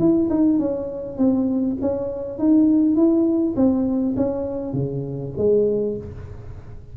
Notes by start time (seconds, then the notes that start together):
0.00 E4
0.30 D#4
0.60 C#4
1.18 C4
1.82 C#4
2.39 D#4
2.96 E4
3.57 C4
4.17 C#4
4.74 C#3
5.38 G#3